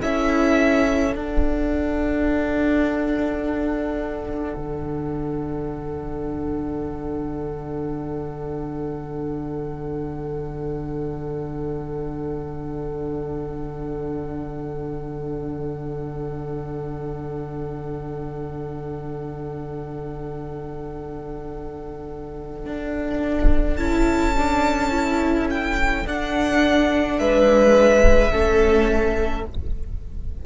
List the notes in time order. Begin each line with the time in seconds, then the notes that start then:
0.00 C#4 E4 A4 E5
1.15 D4 F#5
4.56 D3
22.66 D4
23.77 C#4 E4 A5
24.37 D4
24.92 E4
25.50 G5
26.05 D4 F#5
27.19 G#3 B4 E5
28.31 A3 C#4 A4